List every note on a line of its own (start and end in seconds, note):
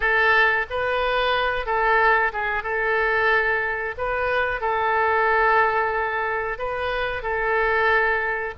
0.00 0.66 A4
0.70 1.66 B4
1.66 2.32 A4
2.33 2.63 G#4
2.63 3.95 A4
3.97 4.60 B4
4.60 6.58 A4
6.58 7.22 B4
7.22 8.54 A4